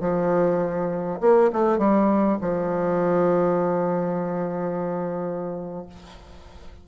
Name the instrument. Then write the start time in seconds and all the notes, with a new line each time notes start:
bassoon
0.00 F3
1.20 A#3
1.52 A3
1.78 G3
2.41 F3